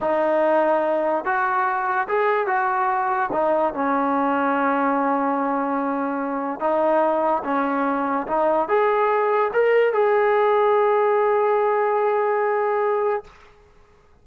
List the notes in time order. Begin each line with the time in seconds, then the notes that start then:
0.01 D#4
1.25 F#4
2.07 G#4
2.46 F#4
3.32 D#4
3.74 C#4
6.60 D#4
7.44 C#4
8.27 D#4
8.68 G#4
9.53 A#4
9.93 G#4